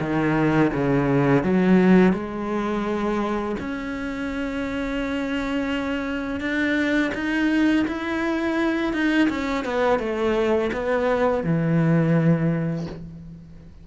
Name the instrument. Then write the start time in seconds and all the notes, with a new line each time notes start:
cello
0.00 D#3
0.73 C#3
1.43 F#3
2.13 G#3
3.59 C#4
6.40 D4
7.15 D#4
7.88 E4
8.93 D#4
9.29 C#4
9.65 B3
9.99 A3
10.73 B3
11.44 E3